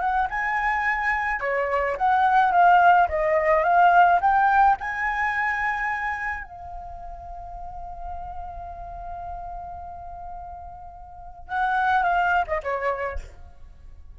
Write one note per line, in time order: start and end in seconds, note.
0.00 0.28 F#5
0.30 1.40 G#5
1.40 1.97 C#5
1.98 2.52 F#5
2.52 3.08 F5
3.09 3.64 D#5
3.64 4.20 F5
4.21 4.77 G5
4.80 6.44 G#5
6.44 11.49 F5
11.49 12.03 F#5
12.03 12.45 F5
12.47 12.61 D#5
12.63 13.20 C#5